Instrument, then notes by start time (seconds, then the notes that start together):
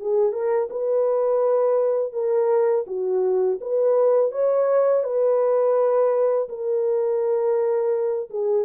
horn
0.00 G#4
0.32 A#4
0.70 B4
2.13 A#4
2.87 F#4
3.61 B4
4.31 C#5
5.04 B4
6.49 A#4
8.30 G#4